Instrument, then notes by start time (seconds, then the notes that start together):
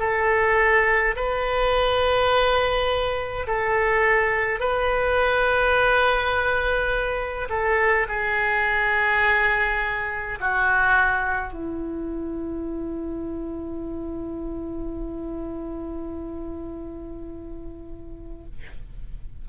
oboe
0.00 A4
1.16 B4
3.47 A4
4.60 B4
7.50 A4
8.09 G#4
10.41 F#4
11.53 E4